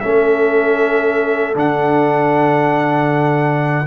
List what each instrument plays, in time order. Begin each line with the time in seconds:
0.00 tuba A3, trombone C#4, horn A4, trumpet E5
1.54 tuba D3, trombone D4, trumpet F#5